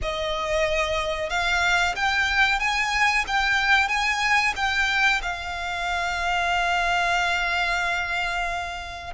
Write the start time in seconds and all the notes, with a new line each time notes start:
0.02 D#5
1.29 F5
1.95 G5
2.59 G#5
3.27 G5
3.88 G#5
4.56 G5
5.21 F5